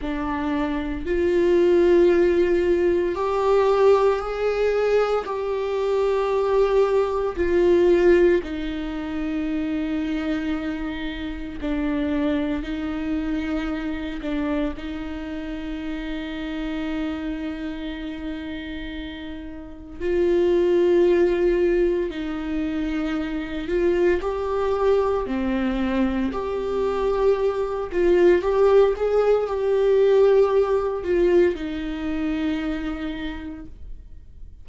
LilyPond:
\new Staff \with { instrumentName = "viola" } { \time 4/4 \tempo 4 = 57 d'4 f'2 g'4 | gis'4 g'2 f'4 | dis'2. d'4 | dis'4. d'8 dis'2~ |
dis'2. f'4~ | f'4 dis'4. f'8 g'4 | c'4 g'4. f'8 g'8 gis'8 | g'4. f'8 dis'2 | }